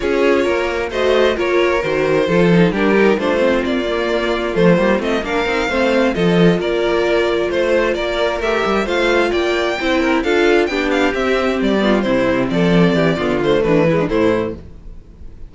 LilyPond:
<<
  \new Staff \with { instrumentName = "violin" } { \time 4/4 \tempo 4 = 132 cis''2 dis''4 cis''4 | c''2 ais'4 c''4 | d''2 c''4 dis''8 f''8~ | f''4. dis''4 d''4.~ |
d''8 c''4 d''4 e''4 f''8~ | f''8 g''2 f''4 g''8 | f''8 e''4 d''4 c''4 d''8~ | d''4. c''8 b'4 c''4 | }
  \new Staff \with { instrumentName = "violin" } { \time 4/4 gis'4 ais'4 c''4 ais'4~ | ais'4 a'4 g'4 f'4~ | f'2.~ f'8 ais'8~ | ais'8 c''4 a'4 ais'4.~ |
ais'8 c''4 ais'2 c''8~ | c''8 d''4 c''8 ais'8 a'4 g'8~ | g'2 f'8 e'4 a'8~ | a'8 g'8 f'4 d'8 e'16 d'16 e'4 | }
  \new Staff \with { instrumentName = "viola" } { \time 4/4 f'2 fis'4 f'4 | fis'4 f'8 dis'8 d'8 dis'8 d'8 c'8~ | c'8 ais4. a8 ais8 c'8 d'8 | dis'8 c'4 f'2~ f'8~ |
f'2~ f'8 g'4 f'8~ | f'4. e'4 f'4 d'8~ | d'8 c'4. b8 c'4.~ | c'4 b8 a4 gis8 a4 | }
  \new Staff \with { instrumentName = "cello" } { \time 4/4 cis'4 ais4 a4 ais4 | dis4 f4 g4 a4 | ais2 f8 g8 a8 ais8 | c'8 a4 f4 ais4.~ |
ais8 a4 ais4 a8 g8 a8~ | a8 ais4 c'4 d'4 b8~ | b8 c'4 g4 c4 f8~ | f8 e8 d4 e4 a,4 | }
>>